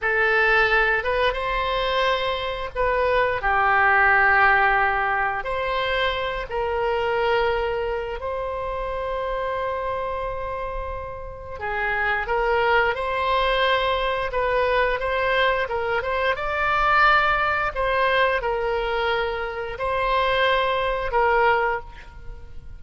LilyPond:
\new Staff \with { instrumentName = "oboe" } { \time 4/4 \tempo 4 = 88 a'4. b'8 c''2 | b'4 g'2. | c''4. ais'2~ ais'8 | c''1~ |
c''4 gis'4 ais'4 c''4~ | c''4 b'4 c''4 ais'8 c''8 | d''2 c''4 ais'4~ | ais'4 c''2 ais'4 | }